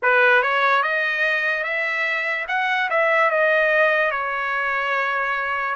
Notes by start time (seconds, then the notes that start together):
0.02 B4
0.42 C#5
0.82 D#5
1.63 E5
2.48 F#5
2.90 E5
3.30 D#5
4.11 C#5